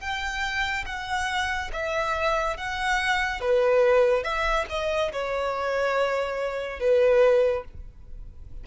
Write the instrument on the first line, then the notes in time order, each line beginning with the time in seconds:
violin
0.00 G5
0.86 F#5
1.72 E5
2.57 F#5
3.41 B4
4.23 E5
4.69 D#5
5.12 C#5
6.80 B4